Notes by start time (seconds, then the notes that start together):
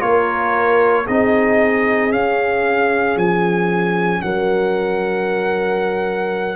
0.00 A#3 F4 A#4 C#5
1.04 C4 D#4 G#4 D#5
2.11 C#4 F5
3.16 F3 G#5
4.21 F#3 A#4 F#5